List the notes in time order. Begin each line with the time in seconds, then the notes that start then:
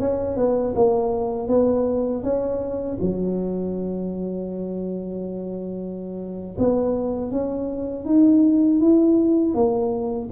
0.00 C#4
0.37 B3
0.75 A#3
1.48 B3
2.23 C#4
3.01 F#3
6.58 B3
7.31 C#4
8.06 D#4
8.80 E4
9.55 A#3